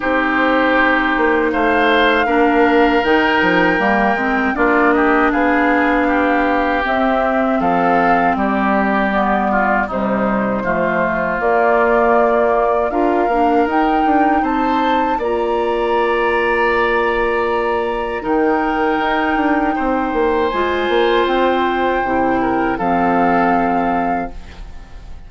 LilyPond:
<<
  \new Staff \with { instrumentName = "flute" } { \time 4/4 \tempo 4 = 79 c''2 f''2 | g''2 d''8 dis''8 f''4~ | f''4 e''4 f''4 d''4~ | d''4 c''2 d''4~ |
d''4 f''4 g''4 a''4 | ais''1 | g''2. gis''4 | g''2 f''2 | }
  \new Staff \with { instrumentName = "oboe" } { \time 4/4 g'2 c''4 ais'4~ | ais'2 f'8 g'8 gis'4 | g'2 a'4 g'4~ | g'8 f'8 dis'4 f'2~ |
f'4 ais'2 c''4 | d''1 | ais'2 c''2~ | c''4. ais'8 a'2 | }
  \new Staff \with { instrumentName = "clarinet" } { \time 4/4 dis'2. d'4 | dis'4 ais8 c'8 d'2~ | d'4 c'2. | b4 g4 a4 ais4~ |
ais4 f'8 d'8 dis'2 | f'1 | dis'2. f'4~ | f'4 e'4 c'2 | }
  \new Staff \with { instrumentName = "bassoon" } { \time 4/4 c'4. ais8 a4 ais4 | dis8 f8 g8 gis8 ais4 b4~ | b4 c'4 f4 g4~ | g4 c4 f4 ais4~ |
ais4 d'8 ais8 dis'8 d'8 c'4 | ais1 | dis4 dis'8 d'8 c'8 ais8 gis8 ais8 | c'4 c4 f2 | }
>>